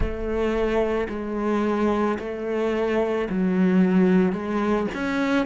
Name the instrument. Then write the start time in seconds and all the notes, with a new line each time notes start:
cello
0.00 A3
1.09 G#3
2.19 A3
3.29 F#3
4.32 G#3
4.94 C#4